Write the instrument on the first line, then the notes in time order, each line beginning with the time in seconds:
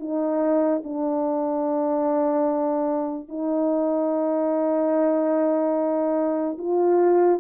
horn
0.00 D#4
0.84 D4
3.29 D#4
6.58 F4